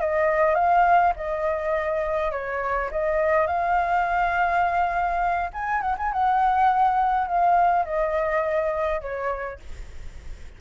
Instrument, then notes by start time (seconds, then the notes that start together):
flute
0.00 D#5
0.54 F5
1.16 D#5
2.31 C#5
2.91 D#5
3.46 F5
5.53 G#5
5.81 F#5
5.97 G#5
6.12 F#5
7.27 F5
7.85 D#5
9.01 C#5